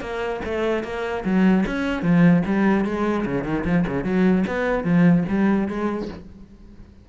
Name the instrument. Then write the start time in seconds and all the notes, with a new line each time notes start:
cello
0.00 A#3
0.44 A3
0.83 A#3
1.24 F#3
1.66 C#4
2.02 F3
2.45 G3
2.85 G#3
3.25 C#3
3.44 D#3
3.64 F3
3.87 C#3
4.04 F#3
4.47 B3
4.84 F3
5.28 G3
5.68 G#3